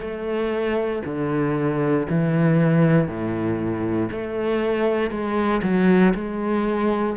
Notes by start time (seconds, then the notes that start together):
0.00 A3
1.05 D3
2.09 E3
3.08 A2
4.11 A3
5.10 G#3
5.63 F#3
6.14 G#3